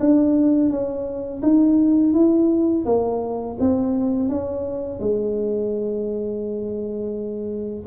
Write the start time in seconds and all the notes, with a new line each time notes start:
0.00 D4
0.70 C#4
1.43 D#4
2.14 E4
2.86 A#3
3.60 C4
4.30 C#4
5.00 G#3